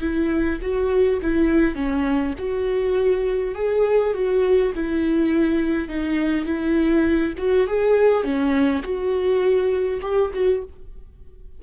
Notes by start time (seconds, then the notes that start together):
0.00 E4
0.61 F#4
1.22 E4
1.75 C#4
2.38 F#4
3.55 G#4
4.13 F#4
4.75 E4
5.88 D#4
6.45 E4
7.37 F#4
7.67 G#4
8.23 C#4
8.82 F#4
10.01 G4
10.33 F#4